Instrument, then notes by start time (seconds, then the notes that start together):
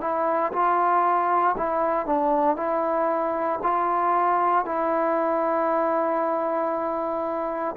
trombone
0.00 E4
0.52 F4
1.57 E4
2.05 D4
2.56 E4
3.63 F4
4.65 E4